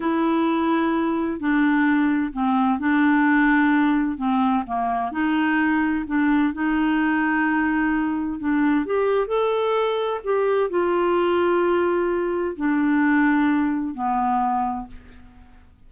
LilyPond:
\new Staff \with { instrumentName = "clarinet" } { \time 4/4 \tempo 4 = 129 e'2. d'4~ | d'4 c'4 d'2~ | d'4 c'4 ais4 dis'4~ | dis'4 d'4 dis'2~ |
dis'2 d'4 g'4 | a'2 g'4 f'4~ | f'2. d'4~ | d'2 b2 | }